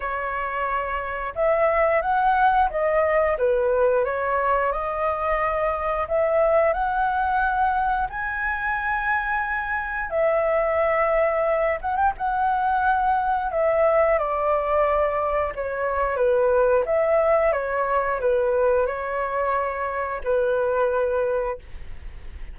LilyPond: \new Staff \with { instrumentName = "flute" } { \time 4/4 \tempo 4 = 89 cis''2 e''4 fis''4 | dis''4 b'4 cis''4 dis''4~ | dis''4 e''4 fis''2 | gis''2. e''4~ |
e''4. fis''16 g''16 fis''2 | e''4 d''2 cis''4 | b'4 e''4 cis''4 b'4 | cis''2 b'2 | }